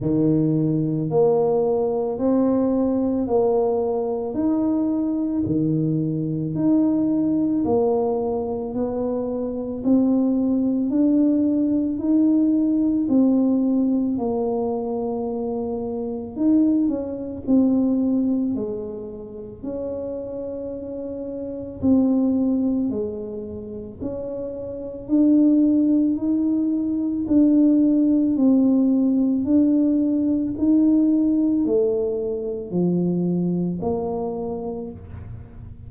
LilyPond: \new Staff \with { instrumentName = "tuba" } { \time 4/4 \tempo 4 = 55 dis4 ais4 c'4 ais4 | dis'4 dis4 dis'4 ais4 | b4 c'4 d'4 dis'4 | c'4 ais2 dis'8 cis'8 |
c'4 gis4 cis'2 | c'4 gis4 cis'4 d'4 | dis'4 d'4 c'4 d'4 | dis'4 a4 f4 ais4 | }